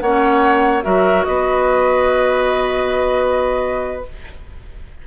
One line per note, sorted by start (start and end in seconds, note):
0.00 0.84 A#3
0.00 0.82 C#4
0.00 0.84 C#5
0.00 0.83 F#5
0.82 1.27 F#3
0.82 4.03 F#4
0.82 1.26 A#4
0.82 1.24 E5
1.24 4.07 B3
1.24 4.07 B4
1.24 4.03 D#5